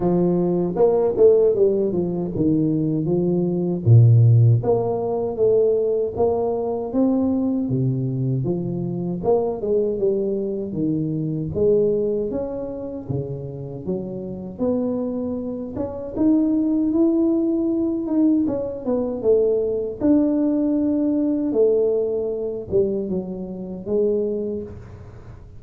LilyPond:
\new Staff \with { instrumentName = "tuba" } { \time 4/4 \tempo 4 = 78 f4 ais8 a8 g8 f8 dis4 | f4 ais,4 ais4 a4 | ais4 c'4 c4 f4 | ais8 gis8 g4 dis4 gis4 |
cis'4 cis4 fis4 b4~ | b8 cis'8 dis'4 e'4. dis'8 | cis'8 b8 a4 d'2 | a4. g8 fis4 gis4 | }